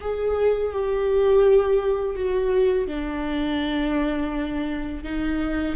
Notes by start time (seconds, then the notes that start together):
0.00 G#4
0.72 G4
2.15 F#4
2.87 D4
5.03 D#4